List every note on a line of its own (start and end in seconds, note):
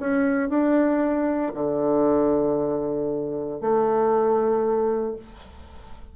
0.00 0.49 C#4
0.49 1.53 D4
1.54 3.61 D3
3.61 5.16 A3